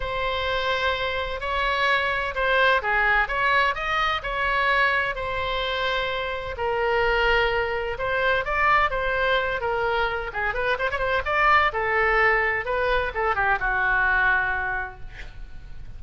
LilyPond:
\new Staff \with { instrumentName = "oboe" } { \time 4/4 \tempo 4 = 128 c''2. cis''4~ | cis''4 c''4 gis'4 cis''4 | dis''4 cis''2 c''4~ | c''2 ais'2~ |
ais'4 c''4 d''4 c''4~ | c''8 ais'4. gis'8 b'8 c''16 cis''16 c''8 | d''4 a'2 b'4 | a'8 g'8 fis'2. | }